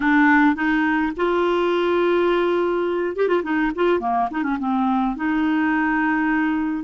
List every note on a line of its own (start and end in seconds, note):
0.00 0.55 D4
0.55 1.12 D#4
1.16 3.16 F4
3.16 3.28 G4
3.28 3.42 F4
3.43 3.71 D#4
3.75 4.00 F4
4.00 4.28 A#3
4.30 4.43 D#4
4.43 4.57 C#4
4.59 5.16 C4
5.16 6.84 D#4